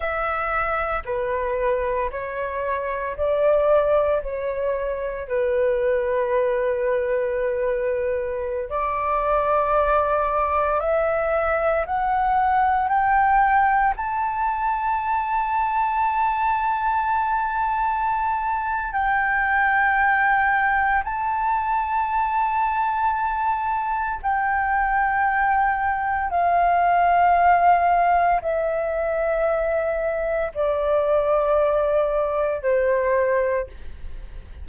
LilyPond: \new Staff \with { instrumentName = "flute" } { \time 4/4 \tempo 4 = 57 e''4 b'4 cis''4 d''4 | cis''4 b'2.~ | b'16 d''2 e''4 fis''8.~ | fis''16 g''4 a''2~ a''8.~ |
a''2 g''2 | a''2. g''4~ | g''4 f''2 e''4~ | e''4 d''2 c''4 | }